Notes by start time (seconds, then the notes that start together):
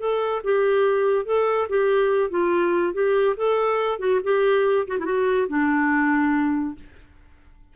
0.00 A4
0.44 G4
1.26 A4
1.69 G4
2.30 F4
2.94 G4
3.37 A4
3.99 F#4
4.24 G4
4.88 F#4
5.00 E4 F#4
5.49 D4